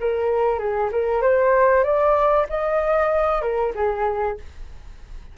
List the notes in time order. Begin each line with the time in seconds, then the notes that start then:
0.00 A#4
0.59 G#4
0.92 A#4
1.22 C5
1.84 D5
2.49 D#5
3.41 A#4
3.75 G#4